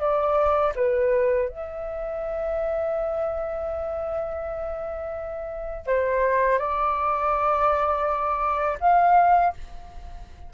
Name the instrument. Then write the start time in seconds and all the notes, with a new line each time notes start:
flute
0.00 D5
0.76 B4
1.49 E5
5.87 C5
6.59 D5
8.81 F5